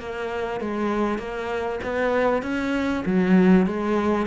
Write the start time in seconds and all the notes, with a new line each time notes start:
0.00 A#3
0.61 G#3
1.19 A#3
1.83 B3
2.43 C#4
3.06 F#3
3.67 G#3